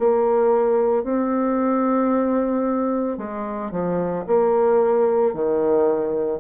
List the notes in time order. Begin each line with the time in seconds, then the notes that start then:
0.00 A#3
1.04 C4
3.18 G#3
3.72 F3
4.27 A#3
5.34 D#3